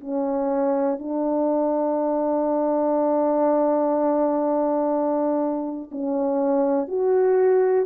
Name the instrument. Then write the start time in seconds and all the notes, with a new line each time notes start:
horn
0.00 C#4
0.98 D4
5.92 C#4
6.88 F#4